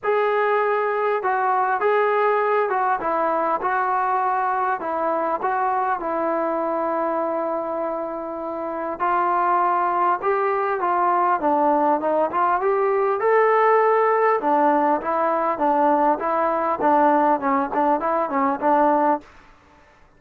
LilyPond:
\new Staff \with { instrumentName = "trombone" } { \time 4/4 \tempo 4 = 100 gis'2 fis'4 gis'4~ | gis'8 fis'8 e'4 fis'2 | e'4 fis'4 e'2~ | e'2. f'4~ |
f'4 g'4 f'4 d'4 | dis'8 f'8 g'4 a'2 | d'4 e'4 d'4 e'4 | d'4 cis'8 d'8 e'8 cis'8 d'4 | }